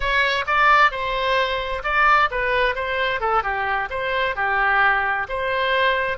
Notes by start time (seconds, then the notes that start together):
0.00 C#5
0.46 D5
0.91 C5
1.83 D5
2.30 B4
2.75 C5
3.20 A4
3.43 G4
3.90 C5
4.35 G4
5.29 C5